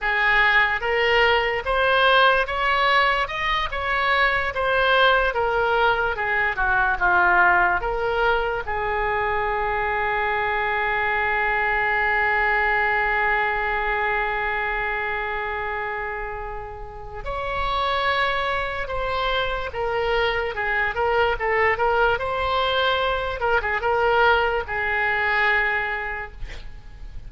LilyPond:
\new Staff \with { instrumentName = "oboe" } { \time 4/4 \tempo 4 = 73 gis'4 ais'4 c''4 cis''4 | dis''8 cis''4 c''4 ais'4 gis'8 | fis'8 f'4 ais'4 gis'4.~ | gis'1~ |
gis'1~ | gis'4 cis''2 c''4 | ais'4 gis'8 ais'8 a'8 ais'8 c''4~ | c''8 ais'16 gis'16 ais'4 gis'2 | }